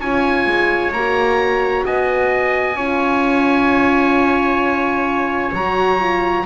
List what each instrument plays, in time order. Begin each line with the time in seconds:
0.00 double bass C#4, horn F4, trumpet C#5, oboe G#5
0.46 double bass G#3
0.92 double bass A#3, horn F#4, oboe A#5
1.85 double bass B3, trumpet D#5, oboe G#5
2.75 double bass C#4, horn F4, trumpet C#5
5.53 double bass F#3, horn F#4, oboe A#5
5.99 horn F4